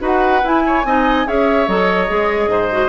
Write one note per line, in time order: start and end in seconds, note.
0.00 0.42 D#4
0.00 0.41 F#4
0.00 0.63 B4
0.00 0.46 F#5
0.44 0.85 E4
0.44 1.28 G#5
0.67 0.86 C#5
0.85 1.26 C4
0.85 1.26 D#4
0.85 1.27 D#5
1.26 1.68 C#4
1.26 1.67 G#4
1.26 2.50 C#5
1.26 1.69 E5
1.68 2.09 F#3
1.68 2.07 A4
1.68 2.89 D#5
2.07 2.48 G#3
2.07 2.69 G#4
2.48 2.89 G#2
2.48 2.89 C5
2.72 2.89 F#4